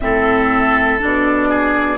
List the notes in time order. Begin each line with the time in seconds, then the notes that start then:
0.00 A2 C4 A4 E5
0.99 B2 D4 D5
1.49 G#4